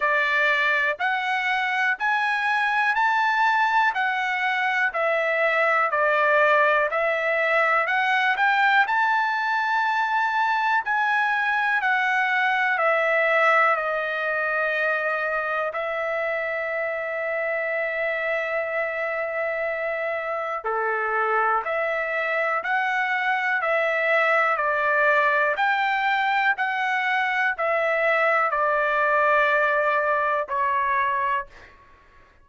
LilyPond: \new Staff \with { instrumentName = "trumpet" } { \time 4/4 \tempo 4 = 61 d''4 fis''4 gis''4 a''4 | fis''4 e''4 d''4 e''4 | fis''8 g''8 a''2 gis''4 | fis''4 e''4 dis''2 |
e''1~ | e''4 a'4 e''4 fis''4 | e''4 d''4 g''4 fis''4 | e''4 d''2 cis''4 | }